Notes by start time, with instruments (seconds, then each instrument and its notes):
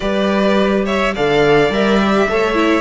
0.00 cello G3, viola G4, violin B4 D5
0.85 violin C#5 E5
1.13 cello D3, viola A4, violin D5 F5
1.69 cello G3, viola A#4, violin E5
1.99 viola G4
2.29 cello A3, viola A4, violin C#5
2.54 viola E4